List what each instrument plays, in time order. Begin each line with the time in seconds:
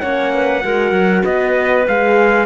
0.00 cello A#3, horn C#4, clarinet C#5, trumpet F#5
0.34 clarinet B4
0.62 cello G#3, horn F#4, clarinet A#4
0.92 cello F#3
1.25 cello B3, clarinet B4, trumpet D#5
1.88 cello G#3, horn G#4, trumpet F5